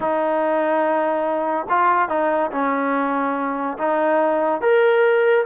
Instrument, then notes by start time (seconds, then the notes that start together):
trombone
0.00 D#4
1.69 F4
2.08 D#4
2.51 C#4
3.78 D#4
4.61 A#4